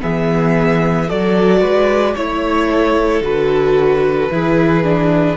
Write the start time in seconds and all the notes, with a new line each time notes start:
0.00 E3 B3 G#4 E5
1.08 F#3 F#4 A4 D5
1.61 G#3 B4
2.15 A3 E4 C#5
2.72 A4
3.21 D3 F#4 B4
4.31 E3 E4 G#4
4.83 D4